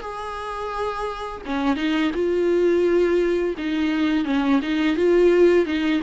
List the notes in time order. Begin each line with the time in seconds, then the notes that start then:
0.00 G#4
1.45 C#4
1.76 D#4
2.13 F4
3.57 D#4
4.24 C#4
4.62 D#4
4.96 F4
5.65 D#4